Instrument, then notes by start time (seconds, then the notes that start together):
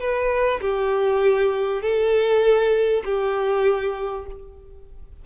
violin
0.00 B4
0.61 G4
1.82 A4
3.05 G4